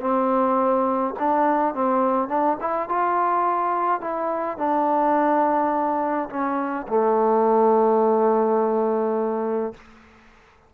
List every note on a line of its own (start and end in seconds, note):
0.00 1.14 C4
1.19 1.74 D4
1.74 2.28 C4
2.28 2.57 D4
2.60 2.89 E4
2.89 4.01 F4
4.01 4.57 E4
4.57 6.29 D4
6.29 6.86 C#4
6.88 9.73 A3